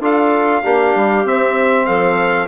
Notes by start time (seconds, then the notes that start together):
0.00 D4 F4 A4 F5
0.63 A#3 D4 G4
0.95 G3
1.25 C4 E5
1.85 F3 A4 F5